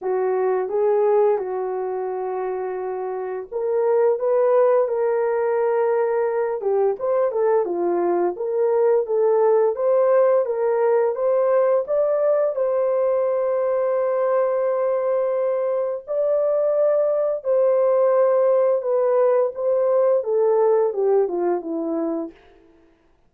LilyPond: \new Staff \with { instrumentName = "horn" } { \time 4/4 \tempo 4 = 86 fis'4 gis'4 fis'2~ | fis'4 ais'4 b'4 ais'4~ | ais'4. g'8 c''8 a'8 f'4 | ais'4 a'4 c''4 ais'4 |
c''4 d''4 c''2~ | c''2. d''4~ | d''4 c''2 b'4 | c''4 a'4 g'8 f'8 e'4 | }